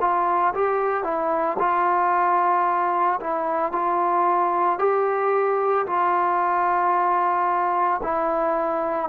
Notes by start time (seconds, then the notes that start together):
0.00 F4
0.54 G4
1.03 E4
1.58 F4
3.20 E4
3.72 F4
4.78 G4
5.86 F4
8.02 E4